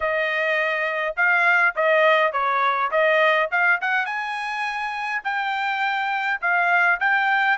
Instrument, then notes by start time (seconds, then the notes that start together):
trumpet
0.00 D#5
1.16 F5
1.75 D#5
2.32 C#5
2.91 D#5
3.51 F5
3.81 F#5
4.05 G#5
5.24 G5
6.41 F5
7.00 G5